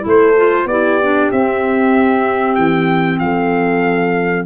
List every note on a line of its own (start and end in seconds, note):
0.00 0.65 A3
0.00 0.32 E4
0.06 0.68 A4
0.06 0.67 C5
0.36 0.68 F4
0.65 1.28 B3
0.65 1.00 E4
0.65 3.21 G4
0.65 1.30 D5
1.02 1.32 D4
1.31 2.57 C4
1.31 4.46 C4
1.31 2.55 E5
2.55 3.20 E3
2.55 3.18 G5
3.19 4.46 F3
3.19 4.46 A4
3.19 4.45 F5